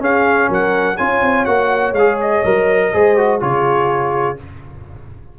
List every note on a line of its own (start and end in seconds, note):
0.00 0.97 C#4
0.00 0.49 C#4
0.00 0.50 G#4
0.00 0.52 F5
0.50 0.98 F#3
0.50 0.97 A#4
0.50 0.97 F#5
0.97 1.22 C#4
0.97 1.46 F4
0.97 2.90 C#5
0.97 1.46 G#5
1.22 1.46 C4
1.46 1.93 A#3
1.46 1.95 F#4
1.46 1.94 F#5
1.93 2.41 G#3
1.93 2.19 F5
1.99 2.45 G#4
2.21 3.42 D#5
2.45 2.94 F#3
2.45 2.94 A#4
2.94 3.42 G#3
2.94 3.17 G#4
2.94 3.41 C5
3.17 3.40 F#4
3.40 4.39 C#3
3.40 4.37 F4
3.40 4.38 G#4
3.40 4.39 C#5